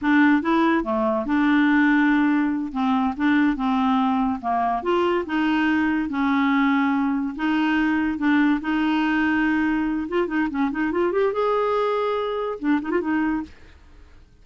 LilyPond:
\new Staff \with { instrumentName = "clarinet" } { \time 4/4 \tempo 4 = 143 d'4 e'4 a4 d'4~ | d'2~ d'8 c'4 d'8~ | d'8 c'2 ais4 f'8~ | f'8 dis'2 cis'4.~ |
cis'4. dis'2 d'8~ | d'8 dis'2.~ dis'8 | f'8 dis'8 cis'8 dis'8 f'8 g'8 gis'4~ | gis'2 d'8 dis'16 f'16 dis'4 | }